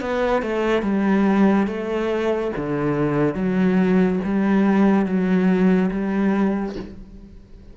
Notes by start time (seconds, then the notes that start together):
0.00 B3
0.42 A3
0.82 G3
1.66 A3
2.56 D3
3.35 F#3
4.24 G3
5.06 F#3
5.91 G3